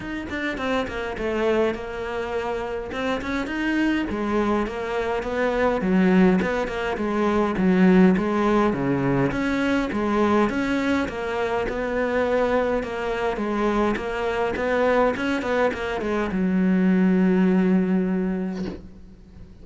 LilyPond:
\new Staff \with { instrumentName = "cello" } { \time 4/4 \tempo 4 = 103 dis'8 d'8 c'8 ais8 a4 ais4~ | ais4 c'8 cis'8 dis'4 gis4 | ais4 b4 fis4 b8 ais8 | gis4 fis4 gis4 cis4 |
cis'4 gis4 cis'4 ais4 | b2 ais4 gis4 | ais4 b4 cis'8 b8 ais8 gis8 | fis1 | }